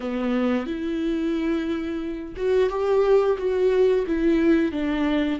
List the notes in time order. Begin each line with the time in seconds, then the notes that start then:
0.00 B3
0.66 E4
2.36 F#4
2.69 G4
3.38 F#4
4.06 E4
4.71 D4